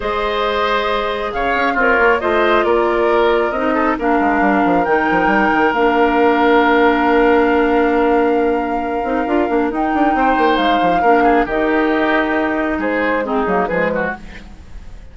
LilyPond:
<<
  \new Staff \with { instrumentName = "flute" } { \time 4/4 \tempo 4 = 136 dis''2. f''4 | cis''4 dis''4 d''2 | dis''4 f''2 g''4~ | g''4 f''2.~ |
f''1~ | f''2 g''2 | f''2 dis''2~ | dis''4 c''4 gis'4 b'4 | }
  \new Staff \with { instrumentName = "oboe" } { \time 4/4 c''2. cis''4 | f'4 c''4 ais'2~ | ais'8 a'8 ais'2.~ | ais'1~ |
ais'1~ | ais'2. c''4~ | c''4 ais'8 gis'8 g'2~ | g'4 gis'4 dis'4 gis'8 fis'8 | }
  \new Staff \with { instrumentName = "clarinet" } { \time 4/4 gis'1 | ais'4 f'2. | dis'4 d'2 dis'4~ | dis'4 d'2.~ |
d'1~ | d'8 dis'8 f'8 d'8 dis'2~ | dis'4 d'4 dis'2~ | dis'2 c'8 ais8 gis4 | }
  \new Staff \with { instrumentName = "bassoon" } { \time 4/4 gis2. cis8 cis'8 | c'8 ais8 a4 ais2 | c'4 ais8 gis8 g8 f8 dis8 f8 | g8 dis8 ais2.~ |
ais1~ | ais8 c'8 d'8 ais8 dis'8 d'8 c'8 ais8 | gis8 f8 ais4 dis2~ | dis4 gis4. fis8 f4 | }
>>